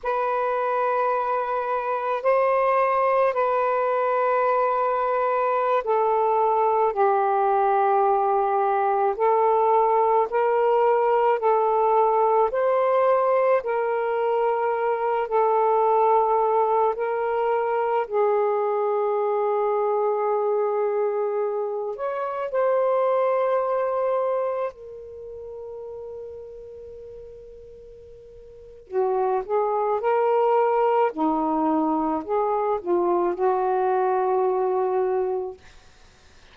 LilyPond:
\new Staff \with { instrumentName = "saxophone" } { \time 4/4 \tempo 4 = 54 b'2 c''4 b'4~ | b'4~ b'16 a'4 g'4.~ g'16~ | g'16 a'4 ais'4 a'4 c''8.~ | c''16 ais'4. a'4. ais'8.~ |
ais'16 gis'2.~ gis'8 cis''16~ | cis''16 c''2 ais'4.~ ais'16~ | ais'2 fis'8 gis'8 ais'4 | dis'4 gis'8 f'8 fis'2 | }